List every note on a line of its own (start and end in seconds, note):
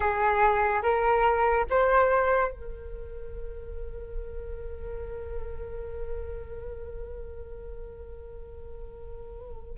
0.00 0.81 G#4
0.82 1.65 A#4
1.69 2.51 C5
2.51 9.78 A#4